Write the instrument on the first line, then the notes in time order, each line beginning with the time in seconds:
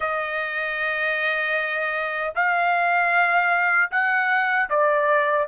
trumpet
0.00 D#5
2.35 F5
3.91 F#5
4.69 D5